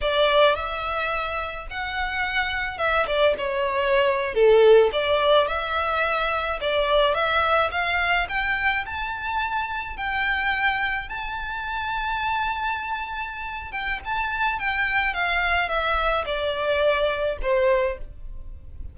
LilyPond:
\new Staff \with { instrumentName = "violin" } { \time 4/4 \tempo 4 = 107 d''4 e''2 fis''4~ | fis''4 e''8 d''8 cis''4.~ cis''16 a'16~ | a'8. d''4 e''2 d''16~ | d''8. e''4 f''4 g''4 a''16~ |
a''4.~ a''16 g''2 a''16~ | a''1~ | a''8 g''8 a''4 g''4 f''4 | e''4 d''2 c''4 | }